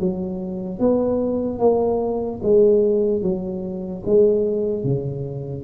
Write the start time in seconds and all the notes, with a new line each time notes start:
0.00 F#3
0.80 B3
1.59 A#3
2.43 G#3
3.22 F#3
4.06 G#3
4.84 C#3